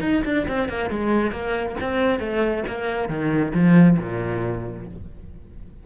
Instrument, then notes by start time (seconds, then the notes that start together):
cello
0.00 D#4
0.24 D4
0.47 C4
0.68 A#3
0.90 G#3
1.31 A#3
1.80 C4
2.19 A3
2.67 A#3
3.08 D#3
3.54 F3
3.98 A#2